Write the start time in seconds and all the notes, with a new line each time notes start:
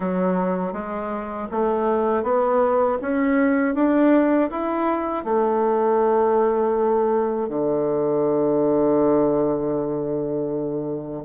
0.00 F#3
0.73 G#3
1.51 A3
2.23 B3
3.01 C#4
3.75 D4
4.50 E4
5.24 A3
7.49 D3